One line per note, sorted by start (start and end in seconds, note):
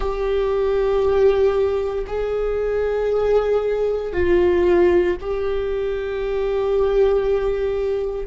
0.00 2.05 G4
2.06 4.12 G#4
4.12 5.16 F4
5.20 8.26 G4